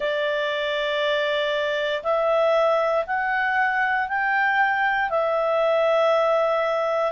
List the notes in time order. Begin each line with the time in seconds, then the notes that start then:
0.00 D5
2.03 E5
3.06 F#5
4.08 G5
5.10 E5